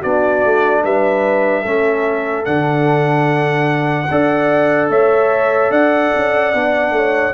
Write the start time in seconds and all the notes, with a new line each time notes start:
0.00 B3 D4 F#4 D5
0.45 A3
0.84 G3 B4 E5
1.62 A3 C#4 A4
2.45 D3 D4 F#5
4.11 D4 A4 D5
4.90 A3 C#5 E5
5.71 D4 D5 F#5
6.16 C#4
6.54 B3 D4
6.91 A3 C#5